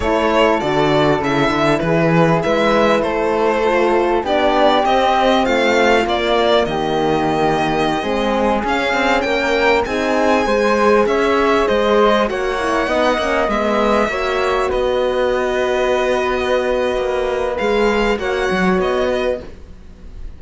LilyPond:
<<
  \new Staff \with { instrumentName = "violin" } { \time 4/4 \tempo 4 = 99 cis''4 d''4 e''4 b'4 | e''4 c''2 d''4 | dis''4 f''4 d''4 dis''4~ | dis''2~ dis''16 f''4 g''8.~ |
g''16 gis''2 e''4 dis''8.~ | dis''16 fis''2 e''4.~ e''16~ | e''16 dis''2.~ dis''8.~ | dis''4 f''4 fis''4 dis''4 | }
  \new Staff \with { instrumentName = "flute" } { \time 4/4 a'2. gis'4 | b'4 a'2 g'4~ | g'4 f'2 g'4~ | g'4~ g'16 gis'2 ais'8.~ |
ais'16 gis'4 c''4 cis''4 c''8.~ | c''16 cis''4 dis''2 cis''8.~ | cis''16 b'2.~ b'8.~ | b'2 cis''4. b'8 | }
  \new Staff \with { instrumentName = "horn" } { \time 4/4 e'4 fis'4 e'2~ | e'2 f'4 d'4 | c'2 ais2~ | ais4~ ais16 c'4 cis'4.~ cis'16~ |
cis'16 dis'4 gis'2~ gis'8.~ | gis'16 fis'8 e'8 dis'8 cis'8 b4 fis'8.~ | fis'1~ | fis'4 gis'4 fis'2 | }
  \new Staff \with { instrumentName = "cello" } { \time 4/4 a4 d4 cis8 d8 e4 | gis4 a2 b4 | c'4 a4 ais4 dis4~ | dis4~ dis16 gis4 cis'8 c'8 ais8.~ |
ais16 c'4 gis4 cis'4 gis8.~ | gis16 ais4 b8 ais8 gis4 ais8.~ | ais16 b2.~ b8. | ais4 gis4 ais8 fis8 b4 | }
>>